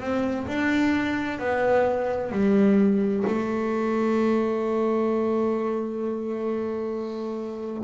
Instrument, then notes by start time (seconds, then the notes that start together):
double bass
0.00 C4
0.47 D4
1.39 B3
2.31 G3
3.26 A3